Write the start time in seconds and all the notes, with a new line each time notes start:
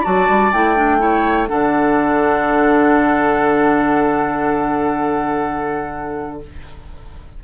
0.00 F#3 F#4 D5 A5
0.28 G3
0.52 A3 E4 G5
0.76 D4
0.99 E4 C#5
1.47 D3 D4 A4 F#5